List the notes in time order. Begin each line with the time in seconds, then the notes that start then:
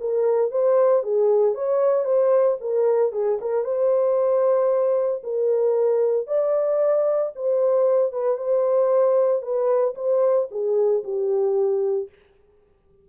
0.00 A#4
0.51 C5
1.03 G#4
1.55 C#5
2.05 C5
2.61 A#4
3.12 G#4
3.41 A#4
3.64 C5
5.23 A#4
6.27 D5
7.35 C5
8.12 B4
8.37 C5
9.42 B4
9.95 C5
10.51 G#4
11.04 G4